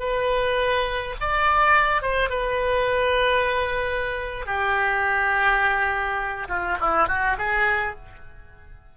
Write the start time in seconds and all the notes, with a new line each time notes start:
0.00 B4
1.21 D5
2.02 C5
2.30 B4
4.46 G4
6.49 F4
6.81 E4
7.08 F#4
7.38 G#4